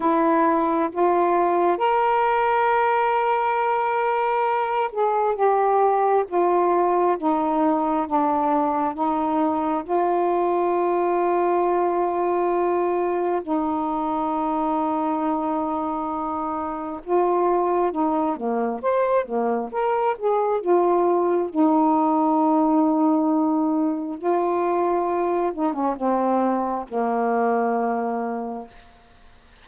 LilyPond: \new Staff \with { instrumentName = "saxophone" } { \time 4/4 \tempo 4 = 67 e'4 f'4 ais'2~ | ais'4. gis'8 g'4 f'4 | dis'4 d'4 dis'4 f'4~ | f'2. dis'4~ |
dis'2. f'4 | dis'8 ais8 c''8 ais8 ais'8 gis'8 f'4 | dis'2. f'4~ | f'8 dis'16 cis'16 c'4 ais2 | }